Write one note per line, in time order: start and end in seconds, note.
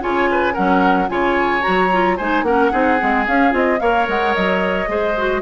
0.00 0.56 C#3
0.00 0.54 F4
0.00 0.29 C#5
0.00 0.54 G#5
0.30 0.53 B4
0.53 1.09 F#3
0.53 1.07 C#4
0.53 1.07 A#4
0.53 1.08 F#5
1.07 1.63 C#3
1.07 1.61 F4
1.07 2.17 C#5
1.07 1.62 G#5
1.61 1.88 F#4
1.61 2.16 A#5
1.67 2.19 F#3
1.92 2.19 F4
2.17 2.42 G#3
2.17 2.46 D#4
2.17 2.44 C5
2.17 2.44 G#5
2.42 2.69 A#3
2.42 2.72 C#4
2.42 2.71 A#4
2.42 3.25 F#5
2.71 3.00 C4
2.71 2.99 D#4
2.71 3.79 G#4
2.99 3.27 G#3
2.99 3.26 C4
3.27 3.52 C#4
3.27 3.50 C#4
3.27 3.54 F5
3.50 3.79 C4
3.50 3.77 F4
3.50 3.79 D#5
3.79 4.07 A#3
3.79 4.87 A#4
3.79 4.89 C#5
3.79 4.06 F5
4.07 4.34 G#3
4.07 4.34 F#5
4.34 4.87 F#3
4.34 5.41 D#5
4.87 5.41 G#3
4.87 5.14 G#4
4.87 5.41 C5
5.17 5.41 F#4